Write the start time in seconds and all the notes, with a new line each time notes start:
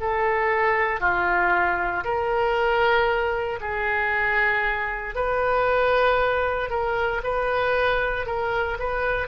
0.00 A4
1.00 F4
2.04 A#4
3.60 G#4
5.15 B4
6.70 A#4
7.23 B4
8.26 A#4
8.79 B4